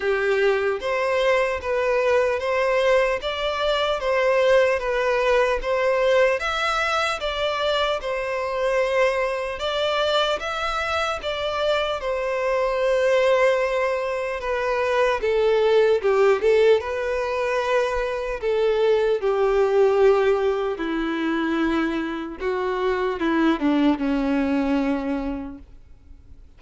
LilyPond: \new Staff \with { instrumentName = "violin" } { \time 4/4 \tempo 4 = 75 g'4 c''4 b'4 c''4 | d''4 c''4 b'4 c''4 | e''4 d''4 c''2 | d''4 e''4 d''4 c''4~ |
c''2 b'4 a'4 | g'8 a'8 b'2 a'4 | g'2 e'2 | fis'4 e'8 d'8 cis'2 | }